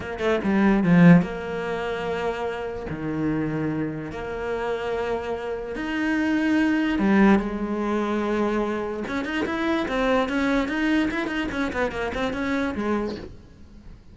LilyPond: \new Staff \with { instrumentName = "cello" } { \time 4/4 \tempo 4 = 146 ais8 a8 g4 f4 ais4~ | ais2. dis4~ | dis2 ais2~ | ais2 dis'2~ |
dis'4 g4 gis2~ | gis2 cis'8 dis'8 e'4 | c'4 cis'4 dis'4 e'8 dis'8 | cis'8 b8 ais8 c'8 cis'4 gis4 | }